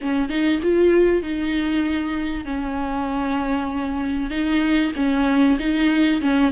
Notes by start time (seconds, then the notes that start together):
0.01 C#4
0.29 D#4
0.62 F4
1.22 D#4
2.45 C#4
4.30 D#4
4.96 C#4
5.59 D#4
6.21 C#4